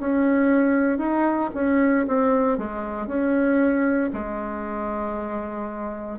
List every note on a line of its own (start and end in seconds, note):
0.00 0.98 C#4
0.98 1.50 D#4
1.54 2.06 C#4
2.07 2.58 C4
2.58 3.07 G#3
3.07 4.11 C#4
4.13 6.19 G#3